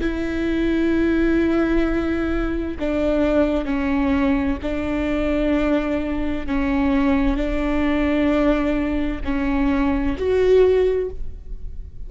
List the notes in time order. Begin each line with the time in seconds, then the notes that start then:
0.00 E4
2.79 D4
3.65 C#4
4.62 D4
6.46 C#4
7.36 D4
9.24 C#4
10.17 F#4